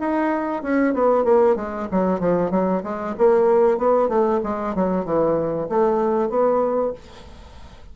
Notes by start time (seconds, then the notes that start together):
0.00 D#4
0.63 C#4
0.94 B3
1.24 A#3
1.56 G#3
1.91 F#3
2.20 F3
2.51 F#3
2.83 G#3
3.18 A#3
3.78 B3
4.09 A3
4.44 G#3
4.75 F#3
5.05 E3
5.69 A3
6.29 B3